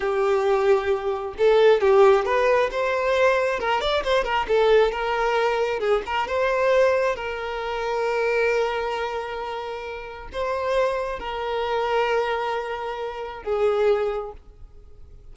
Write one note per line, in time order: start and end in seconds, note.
0.00 1.34 G4
1.38 1.81 A4
1.81 2.25 G4
2.25 2.69 B4
2.71 3.59 C5
3.59 3.80 A#4
3.80 4.03 D5
4.03 4.23 C5
4.23 4.46 A#4
4.48 4.91 A4
4.91 5.79 A#4
5.79 6.02 G#4
6.06 6.27 A#4
6.27 7.15 C5
7.15 10.28 A#4
10.32 11.19 C5
11.19 13.43 A#4
13.43 14.32 G#4